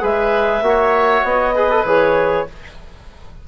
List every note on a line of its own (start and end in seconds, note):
0.00 0.61 G#3
0.00 0.61 G#4
0.00 0.63 B4
0.00 1.25 E5
0.61 1.22 A#3
0.61 1.54 F#4
0.69 1.55 C#5
1.24 1.84 B3
1.24 1.86 D#5
1.55 1.70 G#4
1.55 2.46 B4
1.70 1.86 A4
1.85 2.46 E3
1.85 2.47 G#4
1.85 2.47 C#5